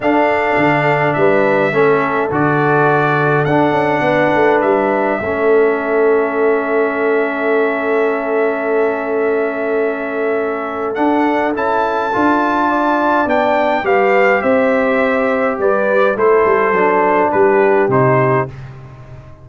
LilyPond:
<<
  \new Staff \with { instrumentName = "trumpet" } { \time 4/4 \tempo 4 = 104 f''2 e''2 | d''2 fis''2 | e''1~ | e''1~ |
e''2. fis''4 | a''2. g''4 | f''4 e''2 d''4 | c''2 b'4 c''4 | }
  \new Staff \with { instrumentName = "horn" } { \time 4/4 a'2 b'4 a'4~ | a'2. b'4~ | b'4 a'2.~ | a'1~ |
a'1~ | a'2 d''2 | b'4 c''2 b'4 | a'2 g'2 | }
  \new Staff \with { instrumentName = "trombone" } { \time 4/4 d'2. cis'4 | fis'2 d'2~ | d'4 cis'2.~ | cis'1~ |
cis'2. d'4 | e'4 f'2 d'4 | g'1 | e'4 d'2 dis'4 | }
  \new Staff \with { instrumentName = "tuba" } { \time 4/4 d'4 d4 g4 a4 | d2 d'8 cis'8 b8 a8 | g4 a2.~ | a1~ |
a2. d'4 | cis'4 d'2 b4 | g4 c'2 g4 | a8 g8 fis4 g4 c4 | }
>>